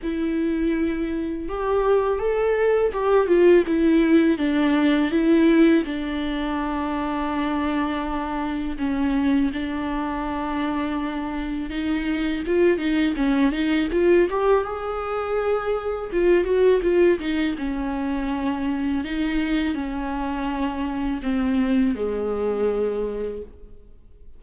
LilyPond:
\new Staff \with { instrumentName = "viola" } { \time 4/4 \tempo 4 = 82 e'2 g'4 a'4 | g'8 f'8 e'4 d'4 e'4 | d'1 | cis'4 d'2. |
dis'4 f'8 dis'8 cis'8 dis'8 f'8 g'8 | gis'2 f'8 fis'8 f'8 dis'8 | cis'2 dis'4 cis'4~ | cis'4 c'4 gis2 | }